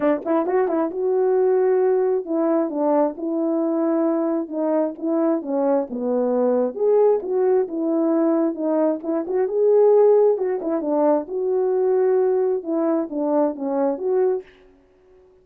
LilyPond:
\new Staff \with { instrumentName = "horn" } { \time 4/4 \tempo 4 = 133 d'8 e'8 fis'8 e'8 fis'2~ | fis'4 e'4 d'4 e'4~ | e'2 dis'4 e'4 | cis'4 b2 gis'4 |
fis'4 e'2 dis'4 | e'8 fis'8 gis'2 fis'8 e'8 | d'4 fis'2. | e'4 d'4 cis'4 fis'4 | }